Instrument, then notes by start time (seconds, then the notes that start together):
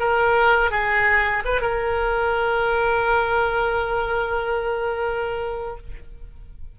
oboe
0.00 A#4
0.71 G#4
1.45 B4
1.61 A#4